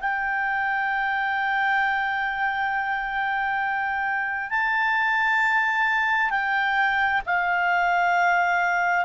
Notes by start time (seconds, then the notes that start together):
0.00 G5
4.50 A5
6.30 G5
7.26 F5